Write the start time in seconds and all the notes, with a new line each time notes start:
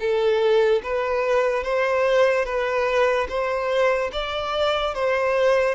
0.00 A4
0.83 B4
1.64 C5
2.45 B4
3.29 C5
4.12 D5
4.94 C5